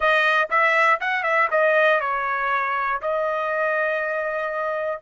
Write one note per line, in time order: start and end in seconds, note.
0.00 0.48 D#5
0.50 1.00 E5
1.00 1.23 F#5
1.23 1.48 E5
1.50 2.00 D#5
2.00 3.00 C#5
3.01 5.01 D#5